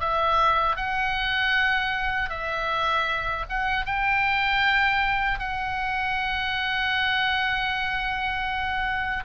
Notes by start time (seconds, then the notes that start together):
0.00 E5
0.77 F#5
2.30 E5
3.49 F#5
3.86 G5
5.39 F#5